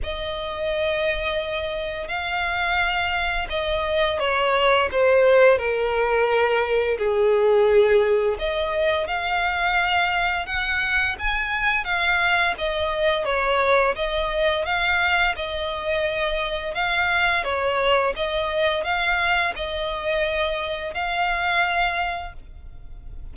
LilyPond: \new Staff \with { instrumentName = "violin" } { \time 4/4 \tempo 4 = 86 dis''2. f''4~ | f''4 dis''4 cis''4 c''4 | ais'2 gis'2 | dis''4 f''2 fis''4 |
gis''4 f''4 dis''4 cis''4 | dis''4 f''4 dis''2 | f''4 cis''4 dis''4 f''4 | dis''2 f''2 | }